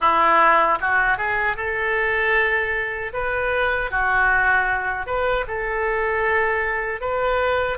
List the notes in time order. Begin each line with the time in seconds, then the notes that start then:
0.00 E4
0.80 F#4
1.17 G#4
1.56 A4
3.13 B4
3.91 F#4
5.06 B4
5.47 A4
7.00 B4